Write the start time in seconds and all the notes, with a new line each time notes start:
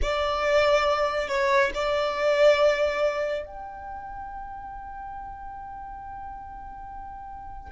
0.02 D5
1.28 C#5
1.74 D5
3.45 G5